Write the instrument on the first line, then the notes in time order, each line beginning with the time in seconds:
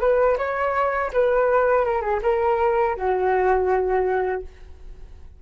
flute
0.00 B4
0.38 C#5
1.13 B4
1.85 A#4
2.01 G#4
2.23 A#4
2.96 F#4